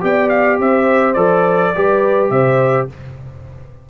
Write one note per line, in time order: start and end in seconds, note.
0.00 0.59 B3
0.00 1.14 G4
0.00 0.60 D5
0.00 0.29 G5
0.29 0.57 F5
0.59 1.15 C4
0.59 1.75 C5
0.59 1.13 E5
1.13 1.73 F3
1.13 1.73 A4
1.13 2.27 D5
1.75 2.30 G3
1.75 2.89 G4
1.75 2.32 B4
2.30 2.87 C3
2.30 2.89 C5
2.30 2.87 E5